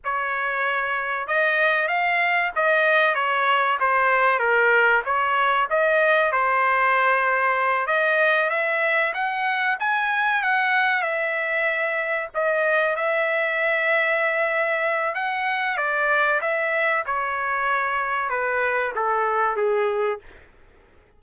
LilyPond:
\new Staff \with { instrumentName = "trumpet" } { \time 4/4 \tempo 4 = 95 cis''2 dis''4 f''4 | dis''4 cis''4 c''4 ais'4 | cis''4 dis''4 c''2~ | c''8 dis''4 e''4 fis''4 gis''8~ |
gis''8 fis''4 e''2 dis''8~ | dis''8 e''2.~ e''8 | fis''4 d''4 e''4 cis''4~ | cis''4 b'4 a'4 gis'4 | }